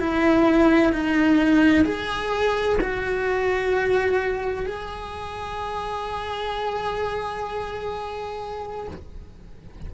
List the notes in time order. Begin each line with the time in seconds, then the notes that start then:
0.00 E4
0.93 D#4
1.85 G#4
2.81 F#4
4.66 G#4